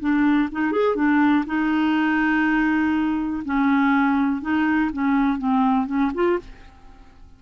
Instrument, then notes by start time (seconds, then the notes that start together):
clarinet
0.00 D4
0.52 D#4
0.72 G#4
0.96 D4
1.46 D#4
3.45 C#4
4.42 D#4
4.93 C#4
5.38 C4
5.87 C#4
6.15 F4